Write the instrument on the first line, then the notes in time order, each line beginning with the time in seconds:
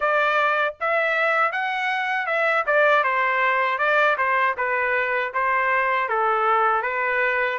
trumpet
0.00 D5
0.80 E5
1.52 F#5
2.26 E5
2.66 D5
3.03 C5
3.78 D5
4.17 C5
4.57 B4
5.33 C5
6.08 A4
6.82 B4